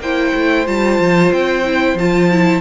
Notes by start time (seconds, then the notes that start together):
0.00 A#3 E4 C5 G5
0.35 A3
0.66 G3 F4 A5
1.00 F3
1.33 C4 G5
1.65 E4
1.95 F3 F4 A5
2.32 E4